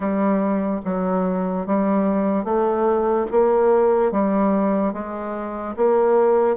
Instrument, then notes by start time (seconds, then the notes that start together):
bassoon
0.00 G3
0.84 F#3
1.66 G3
2.44 A3
3.31 A#3
4.11 G3
4.93 G#3
5.76 A#3